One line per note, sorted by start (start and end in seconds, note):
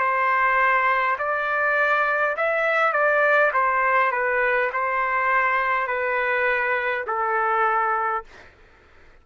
0.00 1.18 C5
1.19 2.36 D5
2.37 2.94 E5
2.94 3.52 D5
3.53 4.12 C5
4.12 4.71 B4
4.73 5.88 C5
5.88 7.05 B4
7.07 8.25 A4